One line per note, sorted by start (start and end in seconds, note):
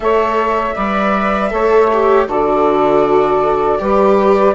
0.00 0.72 A3
0.00 0.73 A4
0.00 0.74 C#5
0.00 2.27 E5
0.74 1.52 G3
0.74 1.50 B4
0.74 1.50 D5
1.50 2.27 A3
1.50 1.88 A4
1.50 2.26 C#5
1.92 2.28 G4
2.26 3.79 D3
2.26 3.78 F#4
2.26 3.78 A4
2.26 4.54 D5
3.78 4.54 G3
3.78 4.54 G4
3.78 4.54 B4